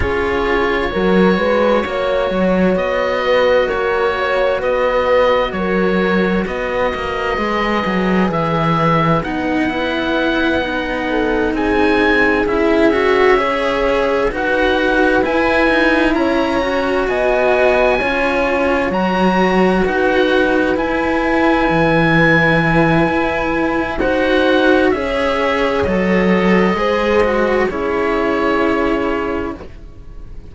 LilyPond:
<<
  \new Staff \with { instrumentName = "oboe" } { \time 4/4 \tempo 4 = 65 cis''2. dis''4 | cis''4 dis''4 cis''4 dis''4~ | dis''4 e''4 fis''2~ | fis''8 gis''4 e''2 fis''8~ |
fis''8 gis''4 ais''4 gis''4.~ | gis''8 ais''4 fis''4 gis''4.~ | gis''2 fis''4 e''4 | dis''2 cis''2 | }
  \new Staff \with { instrumentName = "horn" } { \time 4/4 gis'4 ais'8 b'8 cis''4. b'8 | ais'8 cis''8 b'4 ais'4 b'4~ | b'1 | a'8 gis'2 cis''4 b'8~ |
b'4. cis''4 dis''4 cis''8~ | cis''4. b'2~ b'8~ | b'2 c''4 cis''4~ | cis''4 c''4 gis'2 | }
  \new Staff \with { instrumentName = "cello" } { \time 4/4 f'4 fis'2.~ | fis'1 | gis'2 dis'8 e'4 dis'8~ | dis'4. e'8 fis'8 gis'4 fis'8~ |
fis'8 e'4. fis'4. f'8~ | f'8 fis'2 e'4.~ | e'2 fis'4 gis'4 | a'4 gis'8 fis'8 e'2 | }
  \new Staff \with { instrumentName = "cello" } { \time 4/4 cis'4 fis8 gis8 ais8 fis8 b4 | ais4 b4 fis4 b8 ais8 | gis8 fis8 e4 b2~ | b8 c'4 cis'2 dis'8~ |
dis'8 e'8 dis'8 cis'4 b4 cis'8~ | cis'8 fis4 dis'4 e'4 e8~ | e4 e'4 dis'4 cis'4 | fis4 gis4 cis'2 | }
>>